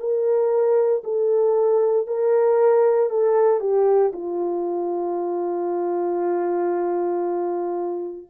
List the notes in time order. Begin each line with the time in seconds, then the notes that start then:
0.00 A#4
1.04 A4
2.07 A#4
3.10 A4
3.61 G4
4.13 F4